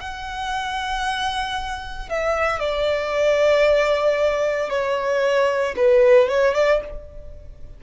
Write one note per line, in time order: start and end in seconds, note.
0.00 2.09 F#5
2.09 2.60 E5
2.60 4.69 D5
4.69 5.75 C#5
5.76 6.28 B4
6.28 6.55 C#5
6.55 6.81 D5